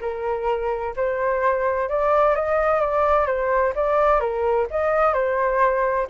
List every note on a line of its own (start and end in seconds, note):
0.00 0.94 A#4
0.96 1.89 C5
1.89 2.35 D5
2.35 2.80 D#5
2.80 3.26 D5
3.26 3.73 C5
3.75 4.20 D5
4.20 4.67 A#4
4.70 5.13 D#5
5.13 6.07 C5